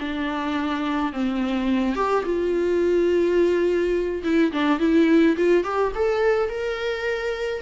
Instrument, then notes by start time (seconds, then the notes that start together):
viola
0.00 D4
1.13 C4
1.95 G4
2.25 F4
4.23 E4
4.52 D4
4.80 E4
5.36 F4
5.64 G4
5.95 A4
6.49 A#4